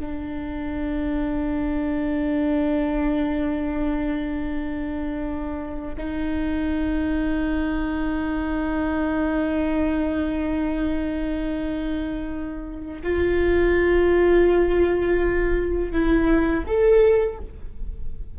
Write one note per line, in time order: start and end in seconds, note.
0.00 5.96 D4
5.97 13.02 D#4
13.03 15.92 F4
15.92 16.64 E4
16.67 17.39 A4